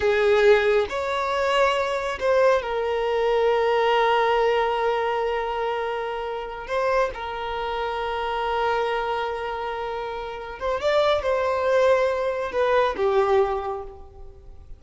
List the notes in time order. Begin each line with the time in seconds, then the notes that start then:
0.00 G#4
0.89 C#5
2.19 C5
2.62 A#4
6.67 C5
7.14 A#4
10.59 C5
10.80 D5
11.22 C5
12.52 B4
12.96 G4